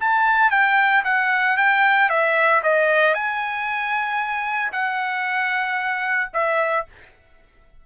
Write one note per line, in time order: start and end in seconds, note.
0.00 0.50 A5
0.50 1.03 G5
1.04 1.57 F#5
1.57 2.09 G5
2.09 2.61 E5
2.63 3.14 D#5
3.14 4.72 G#5
4.72 6.30 F#5
6.33 6.86 E5